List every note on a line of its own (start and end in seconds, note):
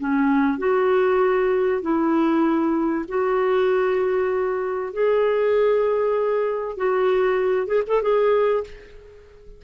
0.00 0.58 C#4
0.58 1.82 F#4
1.82 3.06 E4
3.08 4.93 F#4
4.93 6.77 G#4
6.77 7.67 F#4
7.67 7.83 G#4
7.88 8.02 A4
8.02 8.64 G#4